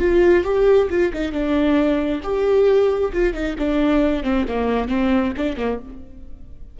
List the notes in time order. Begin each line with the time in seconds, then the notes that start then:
0.00 F4
0.44 G4
0.91 F4
1.14 D#4
1.32 D4
2.23 G4
3.13 F4
3.34 D#4
3.59 D4
4.24 C4
4.48 A#3
4.88 C4
5.37 D4
5.57 A#3